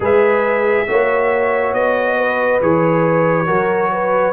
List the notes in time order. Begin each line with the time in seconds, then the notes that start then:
0.00 G#3 G#4 B4 E5
0.87 A#3 F#4 C#5
1.73 B3 D#5
2.17 B4
2.61 E3 G#4 C#5
3.46 F#3 F#4 A#4
3.91 B4